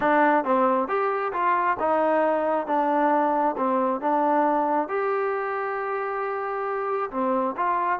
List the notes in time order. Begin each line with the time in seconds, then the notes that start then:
0.00 D4
0.44 C4
0.87 G4
1.33 F4
1.79 D#4
2.66 D4
3.57 C4
4.00 D4
4.88 G4
7.11 C4
7.56 F4